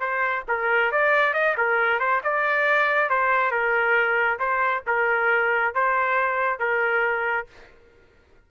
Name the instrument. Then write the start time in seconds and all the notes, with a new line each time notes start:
trumpet
0.00 C5
0.48 A#4
0.92 D5
1.34 D#5
1.57 A#4
1.99 C5
2.24 D5
3.10 C5
3.51 A#4
4.39 C5
4.87 A#4
5.75 C5
6.59 A#4